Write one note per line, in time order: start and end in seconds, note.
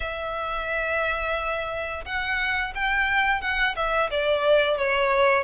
0.00 2.04 E5
2.05 2.73 F#5
2.75 3.41 G5
3.41 3.75 F#5
3.75 4.09 E5
4.11 4.77 D5
4.77 5.44 C#5